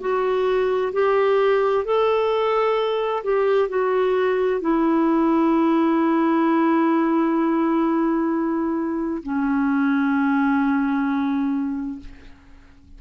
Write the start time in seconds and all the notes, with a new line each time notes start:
0.00 F#4
0.93 G4
1.85 A4
3.23 G4
3.68 F#4
4.61 E4
9.23 C#4